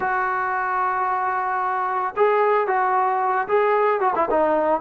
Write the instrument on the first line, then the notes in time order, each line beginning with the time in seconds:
trombone
0.00 F#4
2.16 G#4
2.67 F#4
3.48 G#4
4.00 F#4
4.15 E4
4.30 D#4